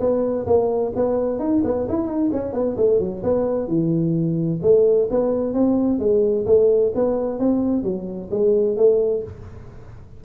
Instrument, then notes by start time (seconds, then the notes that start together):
tuba
0.00 B3
0.46 A#3
0.96 B3
1.40 D#4
1.64 B3
1.89 E4
2.07 D#4
2.32 C#4
2.53 B3
2.77 A3
3.00 F#3
3.23 B3
3.68 E3
4.62 A3
5.11 B3
5.54 C4
6.00 G#3
6.46 A3
6.95 B3
7.39 C4
7.84 F#3
8.31 G#3
8.77 A3